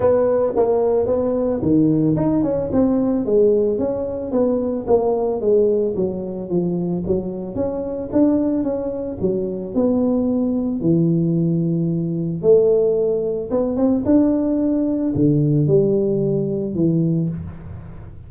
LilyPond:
\new Staff \with { instrumentName = "tuba" } { \time 4/4 \tempo 4 = 111 b4 ais4 b4 dis4 | dis'8 cis'8 c'4 gis4 cis'4 | b4 ais4 gis4 fis4 | f4 fis4 cis'4 d'4 |
cis'4 fis4 b2 | e2. a4~ | a4 b8 c'8 d'2 | d4 g2 e4 | }